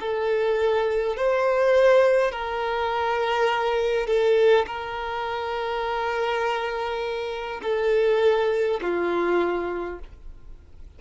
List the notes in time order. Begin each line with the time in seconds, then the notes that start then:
0.00 A4
1.17 C5
2.32 A#4
4.07 A4
4.67 A#4
7.63 A4
8.82 F4